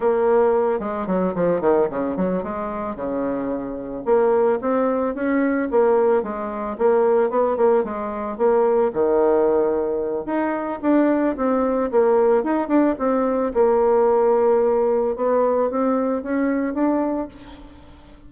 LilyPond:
\new Staff \with { instrumentName = "bassoon" } { \time 4/4 \tempo 4 = 111 ais4. gis8 fis8 f8 dis8 cis8 | fis8 gis4 cis2 ais8~ | ais8 c'4 cis'4 ais4 gis8~ | gis8 ais4 b8 ais8 gis4 ais8~ |
ais8 dis2~ dis8 dis'4 | d'4 c'4 ais4 dis'8 d'8 | c'4 ais2. | b4 c'4 cis'4 d'4 | }